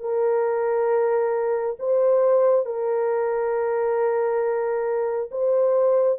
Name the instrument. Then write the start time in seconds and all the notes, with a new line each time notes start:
horn
0.00 A#4
1.79 C5
2.66 A#4
5.31 C5